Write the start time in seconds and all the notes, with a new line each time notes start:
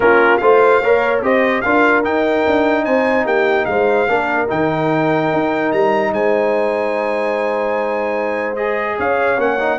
0.00 A#3 C#4 F4 A#4
0.37 A3 F4 C5 F5
0.80 A#3 A#4 C#5
1.21 C4 G4 C5 D#5
1.61 D4 F4 A#4 F5
2.03 D#4 G5
2.46 D4
2.84 C4 C5 G#5
3.24 A#3 G4 G5
3.65 G#3 C5 F5
4.08 A#3 D4 A#4
4.48 D#3 D#4 G5
5.33 D#4
5.72 G3 A#5
6.12 G#3 C5 G#5
8.56 G#4 D#5
8.97 C#4 C#5 F5
9.38 A#3 C#4 F#5
9.59 D#4